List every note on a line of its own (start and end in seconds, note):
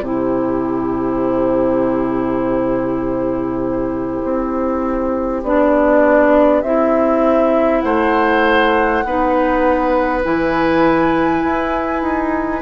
0.00 4.20 C3
0.00 5.43 E4
0.00 7.83 G4
0.00 5.42 C5
4.23 5.43 C4
5.43 6.62 B3
5.43 6.64 D4
5.43 6.61 D5
6.61 7.82 C4
6.61 9.04 E4
6.61 7.81 E5
7.81 9.04 A3
7.81 9.04 C5
7.81 10.21 F#5
9.04 10.24 B3
9.04 10.22 D#4
9.04 12.62 B4
10.22 11.43 E3
10.22 12.62 E4
10.22 12.62 G#5
11.43 12.01 E4
12.01 12.61 D#4